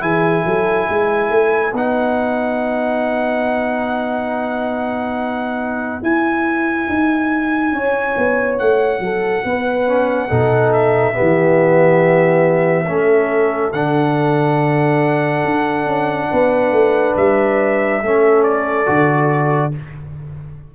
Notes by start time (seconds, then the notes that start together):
0.00 E3 E4 G#4 G#5
0.45 F#3 A4
0.89 G#3 B4
1.30 A3
1.72 B3 D#4 F#5
6.01 E4 G#5
6.89 D#4
7.73 C#4 C#5
8.17 B3
8.59 A3 F#5
9.00 F#3 A4
9.44 B3 B4
9.87 C#4
10.28 B2 D#4 A4
10.73 E5
11.14 B3 G4
11.21 E3
12.86 A3 C#4 A4
13.73 D3 D4 F#5
15.45 D4
15.86 C#4
16.30 B3 B4
16.72 A3
17.17 G3 E5
18.02 A3 C#4 A4
18.43 D5
18.86 D3 F#4